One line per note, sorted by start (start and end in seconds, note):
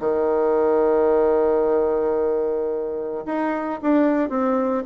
0.00 3.24 D#3
3.26 3.80 D#4
3.82 4.29 D4
4.29 4.84 C4